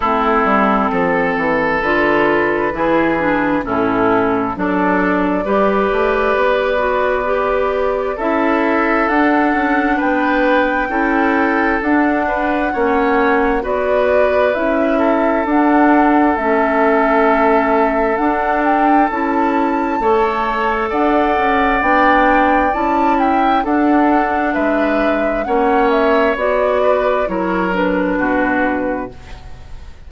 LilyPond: <<
  \new Staff \with { instrumentName = "flute" } { \time 4/4 \tempo 4 = 66 a'2 b'2 | a'4 d''2.~ | d''4 e''4 fis''4 g''4~ | g''4 fis''2 d''4 |
e''4 fis''4 e''2 | fis''8 g''8 a''2 fis''4 | g''4 a''8 g''8 fis''4 e''4 | fis''8 e''8 d''4 cis''8 b'4. | }
  \new Staff \with { instrumentName = "oboe" } { \time 4/4 e'4 a'2 gis'4 | e'4 a'4 b'2~ | b'4 a'2 b'4 | a'4. b'8 cis''4 b'4~ |
b'8 a'2.~ a'8~ | a'2 cis''4 d''4~ | d''4. e''8 a'4 b'4 | cis''4. b'8 ais'4 fis'4 | }
  \new Staff \with { instrumentName = "clarinet" } { \time 4/4 c'2 f'4 e'8 d'8 | cis'4 d'4 g'4. fis'8 | g'4 e'4 d'2 | e'4 d'4 cis'4 fis'4 |
e'4 d'4 cis'2 | d'4 e'4 a'2 | d'4 e'4 d'2 | cis'4 fis'4 e'8 d'4. | }
  \new Staff \with { instrumentName = "bassoon" } { \time 4/4 a8 g8 f8 e8 d4 e4 | a,4 fis4 g8 a8 b4~ | b4 cis'4 d'8 cis'8 b4 | cis'4 d'4 ais4 b4 |
cis'4 d'4 a2 | d'4 cis'4 a4 d'8 cis'8 | b4 cis'4 d'4 gis4 | ais4 b4 fis4 b,4 | }
>>